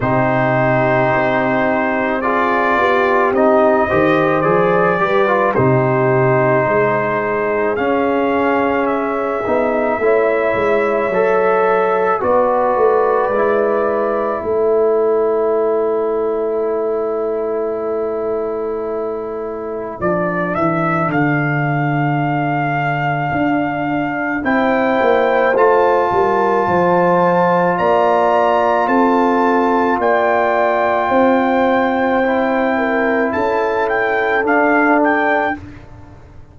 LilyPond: <<
  \new Staff \with { instrumentName = "trumpet" } { \time 4/4 \tempo 4 = 54 c''2 d''4 dis''4 | d''4 c''2 f''4 | e''2. d''4~ | d''4 cis''2.~ |
cis''2 d''8 e''8 f''4~ | f''2 g''4 a''4~ | a''4 ais''4 a''4 g''4~ | g''2 a''8 g''8 f''8 g''8 | }
  \new Staff \with { instrumentName = "horn" } { \time 4/4 g'2 gis'8 g'4 c''8~ | c''8 b'8 g'4 gis'2~ | gis'4 cis''2 b'4~ | b'4 a'2.~ |
a'1~ | a'2 c''4. ais'8 | c''4 d''4 a'4 d''4 | c''4. ais'8 a'2 | }
  \new Staff \with { instrumentName = "trombone" } { \time 4/4 dis'2 f'4 dis'8 g'8 | gis'8 g'16 f'16 dis'2 cis'4~ | cis'8 dis'8 e'4 a'4 fis'4 | e'1~ |
e'2 d'2~ | d'2 e'4 f'4~ | f'1~ | f'4 e'2 d'4 | }
  \new Staff \with { instrumentName = "tuba" } { \time 4/4 c4 c'4. b8 c'8 dis8 | f8 g8 c4 gis4 cis'4~ | cis'8 b8 a8 gis8 fis4 b8 a8 | gis4 a2.~ |
a2 f8 e8 d4~ | d4 d'4 c'8 ais8 a8 g8 | f4 ais4 c'4 ais4 | c'2 cis'4 d'4 | }
>>